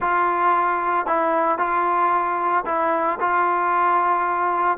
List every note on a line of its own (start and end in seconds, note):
0.00 1.06 F4
1.06 1.58 E4
1.58 2.64 F4
2.65 3.19 E4
3.20 4.78 F4